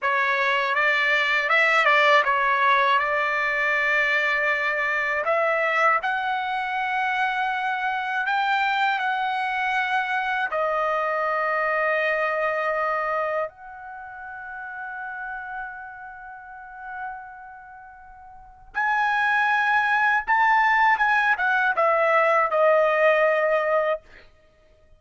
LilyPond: \new Staff \with { instrumentName = "trumpet" } { \time 4/4 \tempo 4 = 80 cis''4 d''4 e''8 d''8 cis''4 | d''2. e''4 | fis''2. g''4 | fis''2 dis''2~ |
dis''2 fis''2~ | fis''1~ | fis''4 gis''2 a''4 | gis''8 fis''8 e''4 dis''2 | }